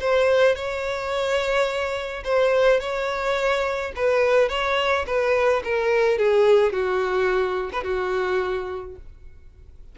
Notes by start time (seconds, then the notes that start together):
0.00 C5
0.55 C#5
2.24 C5
2.80 C#5
3.96 B4
4.49 C#5
5.07 B4
5.64 A#4
6.18 G#4
6.72 F#4
7.73 B4
7.84 F#4